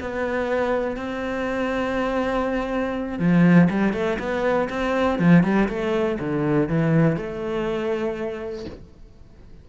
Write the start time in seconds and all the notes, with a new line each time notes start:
0.00 B3
0.96 C4
3.19 F3
3.70 G3
3.93 A3
4.19 B3
4.69 C4
5.19 F3
5.43 G3
5.68 A3
6.19 D3
6.69 E3
7.17 A3